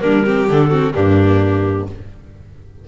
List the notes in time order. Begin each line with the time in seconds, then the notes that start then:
0.00 G3 A#3 D4 A#4
0.25 C4 G4
0.48 D3 D4 A4
0.70 C4 F#4
0.94 G2 A#3 D4 G4